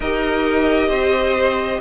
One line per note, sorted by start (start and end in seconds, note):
0.00 0.87 D#4
0.00 1.80 G4
0.00 0.89 A#4
0.00 1.80 D#5
0.87 1.78 C4
0.87 1.80 C5